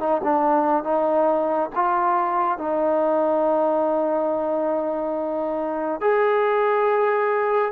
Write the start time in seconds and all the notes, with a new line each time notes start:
0.00 D#4
0.24 D4
0.84 D#4
1.75 F4
2.58 D#4
6.01 G#4